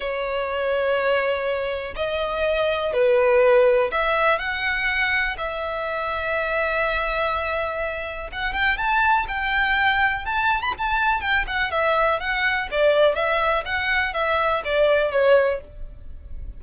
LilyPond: \new Staff \with { instrumentName = "violin" } { \time 4/4 \tempo 4 = 123 cis''1 | dis''2 b'2 | e''4 fis''2 e''4~ | e''1~ |
e''4 fis''8 g''8 a''4 g''4~ | g''4 a''8. b''16 a''4 g''8 fis''8 | e''4 fis''4 d''4 e''4 | fis''4 e''4 d''4 cis''4 | }